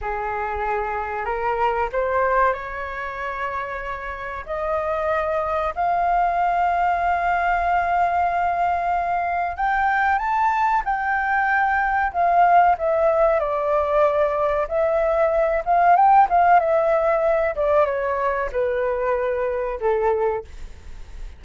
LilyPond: \new Staff \with { instrumentName = "flute" } { \time 4/4 \tempo 4 = 94 gis'2 ais'4 c''4 | cis''2. dis''4~ | dis''4 f''2.~ | f''2. g''4 |
a''4 g''2 f''4 | e''4 d''2 e''4~ | e''8 f''8 g''8 f''8 e''4. d''8 | cis''4 b'2 a'4 | }